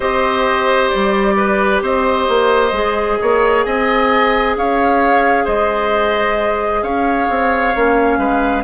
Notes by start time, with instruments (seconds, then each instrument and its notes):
0.00 bassoon C4, clarinet G4, oboe C5, flute D#5
0.89 bassoon G3, flute D5
1.37 oboe B4
1.81 bassoon C4, oboe C5, flute D#5
2.28 bassoon A#3
2.71 bassoon G#3, clarinet G#4
3.21 bassoon A#3, oboe C#5
3.63 bassoon C4, oboe D#5, flute G#5
4.56 bassoon C#4, oboe C#5, flute F5
5.44 bassoon G#3, oboe C5, flute D#5
6.82 bassoon C#4, oboe C#5, flute F5
7.29 bassoon C4
7.75 bassoon A#3, clarinet C#4
8.17 bassoon G#3, oboe B4